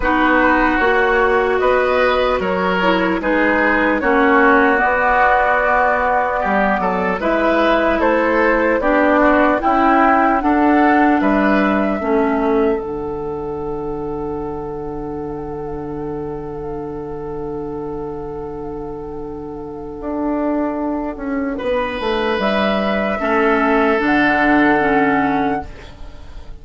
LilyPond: <<
  \new Staff \with { instrumentName = "flute" } { \time 4/4 \tempo 4 = 75 b'4 cis''4 dis''4 cis''4 | b'4 cis''4 d''2~ | d''4 e''4 c''4 d''4 | g''4 fis''4 e''2 |
fis''1~ | fis''1~ | fis''1 | e''2 fis''2 | }
  \new Staff \with { instrumentName = "oboe" } { \time 4/4 fis'2 b'4 ais'4 | gis'4 fis'2. | g'8 a'8 b'4 a'4 g'8 fis'8 | e'4 a'4 b'4 a'4~ |
a'1~ | a'1~ | a'2. b'4~ | b'4 a'2. | }
  \new Staff \with { instrumentName = "clarinet" } { \time 4/4 dis'4 fis'2~ fis'8 e'8 | dis'4 cis'4 b2~ | b4 e'2 d'4 | e'4 d'2 cis'4 |
d'1~ | d'1~ | d'1~ | d'4 cis'4 d'4 cis'4 | }
  \new Staff \with { instrumentName = "bassoon" } { \time 4/4 b4 ais4 b4 fis4 | gis4 ais4 b2 | g8 fis8 gis4 a4 b4 | cis'4 d'4 g4 a4 |
d1~ | d1~ | d4 d'4. cis'8 b8 a8 | g4 a4 d2 | }
>>